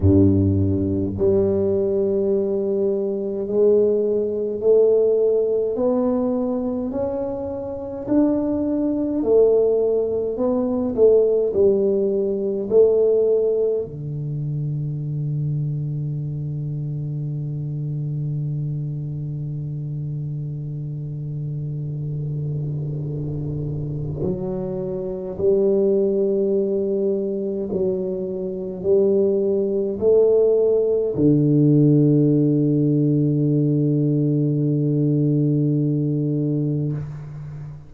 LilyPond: \new Staff \with { instrumentName = "tuba" } { \time 4/4 \tempo 4 = 52 g,4 g2 gis4 | a4 b4 cis'4 d'4 | a4 b8 a8 g4 a4 | d1~ |
d1~ | d4 fis4 g2 | fis4 g4 a4 d4~ | d1 | }